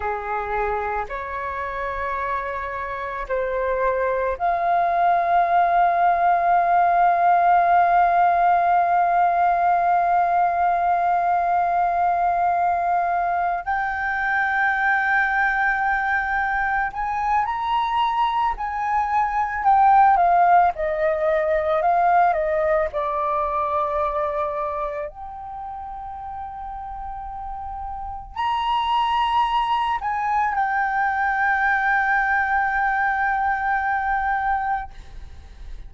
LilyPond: \new Staff \with { instrumentName = "flute" } { \time 4/4 \tempo 4 = 55 gis'4 cis''2 c''4 | f''1~ | f''1~ | f''8 g''2. gis''8 |
ais''4 gis''4 g''8 f''8 dis''4 | f''8 dis''8 d''2 g''4~ | g''2 ais''4. gis''8 | g''1 | }